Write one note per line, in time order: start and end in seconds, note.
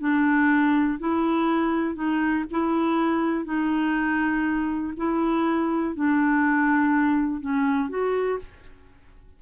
0.00 0.99 D4
1.00 1.95 E4
1.95 2.45 D#4
2.51 3.45 E4
3.45 4.94 D#4
4.97 5.96 E4
5.96 7.41 D4
7.41 7.90 C#4
7.90 8.39 F#4